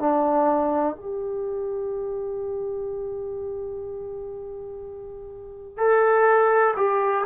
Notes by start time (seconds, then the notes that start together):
0.00 D4
0.96 G4
5.78 A4
6.77 G4